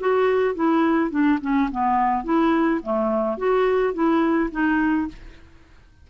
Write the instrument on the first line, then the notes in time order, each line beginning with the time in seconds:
clarinet
0.00 F#4
0.55 E4
1.11 D4
1.42 C#4
1.71 B3
2.24 E4
2.83 A3
3.38 F#4
3.94 E4
4.52 D#4